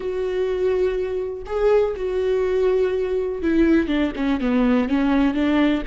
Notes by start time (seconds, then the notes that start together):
0.00 F#4
1.45 G#4
1.96 F#4
3.42 E4
3.87 D4
4.16 C#4
4.40 B3
4.88 C#4
5.33 D4